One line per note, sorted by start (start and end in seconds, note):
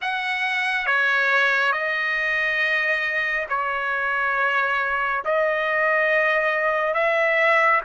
0.01 0.86 F#5
0.86 1.72 C#5
1.72 3.46 D#5
3.49 5.23 C#5
5.25 6.94 D#5
6.94 7.81 E5